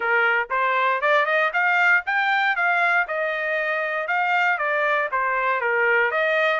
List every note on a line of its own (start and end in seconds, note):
0.00 0.48 A#4
0.50 1.01 C5
1.01 1.25 D5
1.25 1.51 D#5
1.53 2.04 F5
2.05 2.56 G5
2.56 3.06 F5
3.07 4.07 D#5
4.07 4.58 F5
4.58 5.08 D5
5.11 5.60 C5
5.60 6.11 A#4
6.11 6.60 D#5